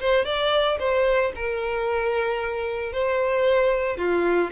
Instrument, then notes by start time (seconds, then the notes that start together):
violin
0.00 C5
0.25 D5
0.79 C5
1.35 A#4
2.93 C5
3.97 F4